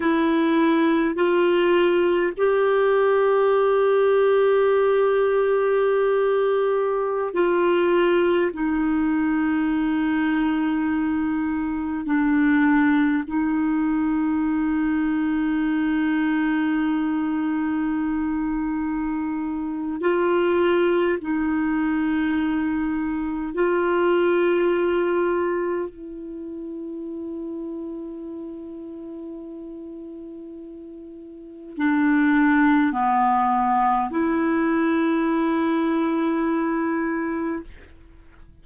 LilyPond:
\new Staff \with { instrumentName = "clarinet" } { \time 4/4 \tempo 4 = 51 e'4 f'4 g'2~ | g'2~ g'16 f'4 dis'8.~ | dis'2~ dis'16 d'4 dis'8.~ | dis'1~ |
dis'4 f'4 dis'2 | f'2 e'2~ | e'2. d'4 | b4 e'2. | }